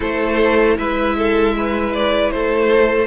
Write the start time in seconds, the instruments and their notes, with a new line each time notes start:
0.00 cello A3, viola E4, violin A4 C5
0.77 cello G#3, violin B4 E5
1.16 violin A4
1.57 violin B4
1.94 violin D5
2.30 cello A3, violin A4 C5